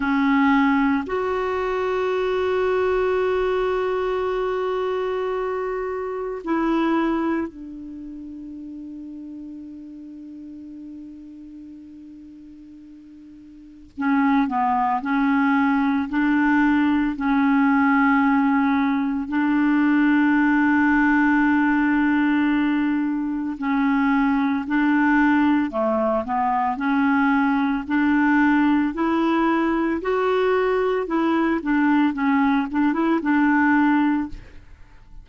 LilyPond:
\new Staff \with { instrumentName = "clarinet" } { \time 4/4 \tempo 4 = 56 cis'4 fis'2.~ | fis'2 e'4 d'4~ | d'1~ | d'4 cis'8 b8 cis'4 d'4 |
cis'2 d'2~ | d'2 cis'4 d'4 | a8 b8 cis'4 d'4 e'4 | fis'4 e'8 d'8 cis'8 d'16 e'16 d'4 | }